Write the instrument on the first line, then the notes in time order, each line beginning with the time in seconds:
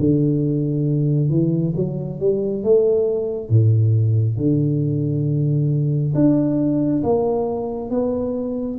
tuba
0.00 D3
1.30 E3
1.76 F#3
2.21 G3
2.64 A3
3.50 A2
4.38 D3
6.15 D4
7.03 A#3
7.91 B3